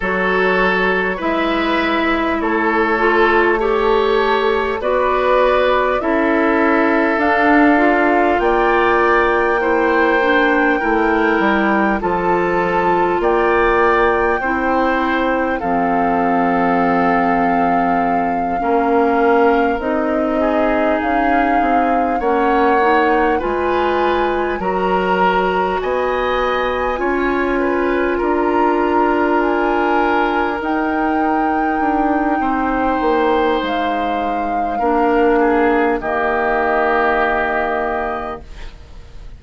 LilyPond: <<
  \new Staff \with { instrumentName = "flute" } { \time 4/4 \tempo 4 = 50 cis''4 e''4 cis''4 a'4 | d''4 e''4 f''4 g''4~ | g''2 a''4 g''4~ | g''4 f''2.~ |
f''8 dis''4 f''4 fis''4 gis''8~ | gis''8 ais''4 gis''2 ais''8~ | ais''8 gis''4 g''2~ g''8 | f''2 dis''2 | }
  \new Staff \with { instrumentName = "oboe" } { \time 4/4 a'4 b'4 a'4 cis''4 | b'4 a'2 d''4 | c''4 ais'4 a'4 d''4 | c''4 a'2~ a'8 ais'8~ |
ais'4 gis'4. cis''4 b'8~ | b'8 ais'4 dis''4 cis''8 b'8 ais'8~ | ais'2. c''4~ | c''4 ais'8 gis'8 g'2 | }
  \new Staff \with { instrumentName = "clarinet" } { \time 4/4 fis'4 e'4. f'8 g'4 | fis'4 e'4 d'8 f'4. | e'8 d'8 e'4 f'2 | e'4 c'2~ c'8 cis'8~ |
cis'8 dis'2 cis'8 dis'8 f'8~ | f'8 fis'2 f'4.~ | f'4. dis'2~ dis'8~ | dis'4 d'4 ais2 | }
  \new Staff \with { instrumentName = "bassoon" } { \time 4/4 fis4 gis4 a2 | b4 cis'4 d'4 ais4~ | ais4 a8 g8 f4 ais4 | c'4 f2~ f8 ais8~ |
ais8 c'4 cis'8 c'8 ais4 gis8~ | gis8 fis4 b4 cis'4 d'8~ | d'4. dis'4 d'8 c'8 ais8 | gis4 ais4 dis2 | }
>>